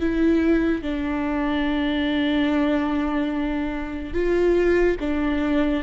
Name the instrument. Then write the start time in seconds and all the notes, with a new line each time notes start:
viola
0.00 E4
0.82 D4
4.14 F4
5.00 D4